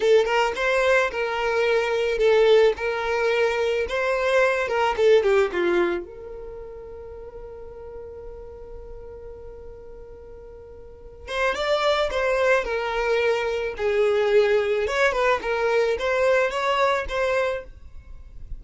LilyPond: \new Staff \with { instrumentName = "violin" } { \time 4/4 \tempo 4 = 109 a'8 ais'8 c''4 ais'2 | a'4 ais'2 c''4~ | c''8 ais'8 a'8 g'8 f'4 ais'4~ | ais'1~ |
ais'1~ | ais'8 c''8 d''4 c''4 ais'4~ | ais'4 gis'2 cis''8 b'8 | ais'4 c''4 cis''4 c''4 | }